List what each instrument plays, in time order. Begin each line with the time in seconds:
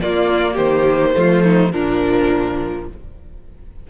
0.00 viola A#3, cello A#3, violin F4 D5
0.54 cello D#3, violin G4 C5
1.14 cello F3, viola A3, violin F4
1.43 violin D#4
1.71 cello A#2, viola F3, violin D4 A#4